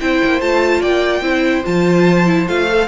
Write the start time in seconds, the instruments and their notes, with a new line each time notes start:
0.00 cello C4, viola E4, violin C5 G5
0.24 cello A#3
0.41 cello A3, viola F4, violin A5
0.81 cello A#3, violin D5 G5
1.21 cello C4, viola E4, violin C5
1.64 cello F3, viola F4, violin A5
2.26 viola E4
2.48 cello A3, viola F4, violin F5
2.68 viola A4